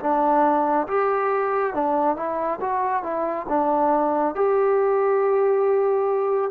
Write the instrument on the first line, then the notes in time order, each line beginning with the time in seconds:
trombone
0.00 D4
0.87 G4
1.74 D4
2.16 E4
2.61 F#4
3.03 E4
3.49 D4
4.35 G4